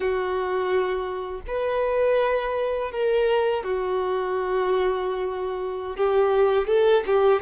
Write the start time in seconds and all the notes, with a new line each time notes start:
0.00 F#4
1.47 B4
2.91 A#4
3.63 F#4
5.96 G4
6.67 A4
7.06 G4